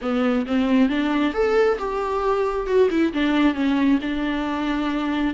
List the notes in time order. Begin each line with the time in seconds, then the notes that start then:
0.01 B3
0.46 C4
0.89 D4
1.33 A4
1.78 G4
2.66 F#4
2.90 E4
3.13 D4
3.54 C#4
4.01 D4